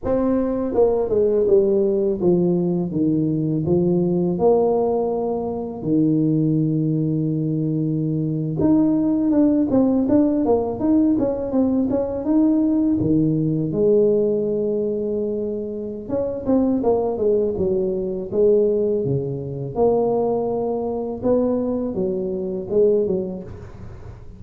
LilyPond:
\new Staff \with { instrumentName = "tuba" } { \time 4/4 \tempo 4 = 82 c'4 ais8 gis8 g4 f4 | dis4 f4 ais2 | dis2.~ dis8. dis'16~ | dis'8. d'8 c'8 d'8 ais8 dis'8 cis'8 c'16~ |
c'16 cis'8 dis'4 dis4 gis4~ gis16~ | gis2 cis'8 c'8 ais8 gis8 | fis4 gis4 cis4 ais4~ | ais4 b4 fis4 gis8 fis8 | }